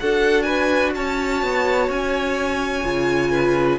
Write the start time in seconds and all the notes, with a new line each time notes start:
0.00 D4 F#4 A4 F#5
0.43 B4 G#5
0.95 C#4 C#5 A5
1.43 B3
1.89 C#4 G#5
2.84 C#3 F4
3.31 B4